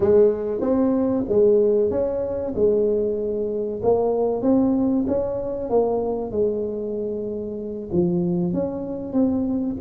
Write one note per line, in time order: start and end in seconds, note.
0.00 0.60 G#3
0.60 1.23 C4
1.28 1.90 G#3
1.90 2.53 C#4
2.55 3.81 G#3
3.82 4.42 A#3
4.42 5.05 C4
5.07 5.69 C#4
5.69 6.31 A#3
6.31 7.89 G#3
7.91 8.53 F3
8.53 9.12 C#4
9.12 9.76 C4